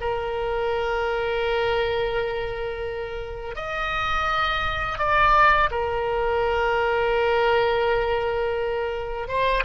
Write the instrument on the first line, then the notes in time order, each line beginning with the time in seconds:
oboe
0.00 A#4
3.55 D#5
4.98 D5
5.70 A#4
9.28 C5